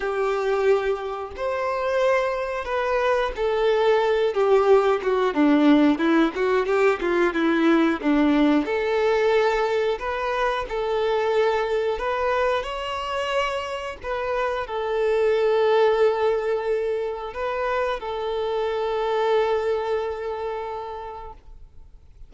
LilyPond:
\new Staff \with { instrumentName = "violin" } { \time 4/4 \tempo 4 = 90 g'2 c''2 | b'4 a'4. g'4 fis'8 | d'4 e'8 fis'8 g'8 f'8 e'4 | d'4 a'2 b'4 |
a'2 b'4 cis''4~ | cis''4 b'4 a'2~ | a'2 b'4 a'4~ | a'1 | }